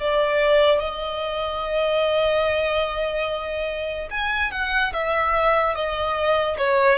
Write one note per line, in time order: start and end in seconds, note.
0.00 0.80 D5
0.80 4.09 D#5
4.11 4.52 G#5
4.52 4.93 F#5
4.94 5.75 E5
5.75 6.58 D#5
6.58 6.99 C#5